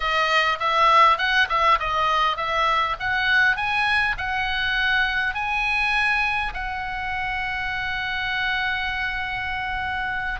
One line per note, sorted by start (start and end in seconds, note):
0.00 0.59 D#5
0.59 1.18 E5
1.18 1.47 F#5
1.49 1.78 E5
1.79 2.36 D#5
2.36 2.96 E5
2.99 3.56 F#5
3.56 4.15 G#5
4.17 5.34 F#5
5.34 6.53 G#5
6.53 10.40 F#5